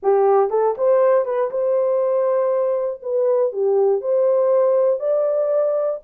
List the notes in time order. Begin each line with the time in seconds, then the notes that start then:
0.02 G4
0.50 A4
0.77 C5
1.25 B4
1.50 C5
3.02 B4
3.52 G4
4.01 C5
4.99 D5